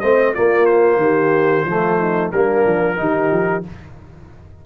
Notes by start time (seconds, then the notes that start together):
0.00 A3 C4 C5 D#5
0.33 A#3 F4 D5
0.66 C5
0.97 D#3 G4
1.65 F3 A3 F4
1.98 D#4
2.31 G3 A#3 D4 A#4
2.66 F3
2.97 D#3 D#4 G4
3.31 F3